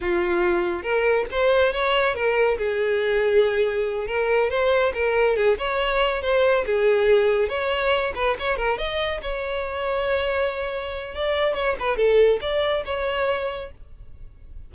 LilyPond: \new Staff \with { instrumentName = "violin" } { \time 4/4 \tempo 4 = 140 f'2 ais'4 c''4 | cis''4 ais'4 gis'2~ | gis'4. ais'4 c''4 ais'8~ | ais'8 gis'8 cis''4. c''4 gis'8~ |
gis'4. cis''4. b'8 cis''8 | ais'8 dis''4 cis''2~ cis''8~ | cis''2 d''4 cis''8 b'8 | a'4 d''4 cis''2 | }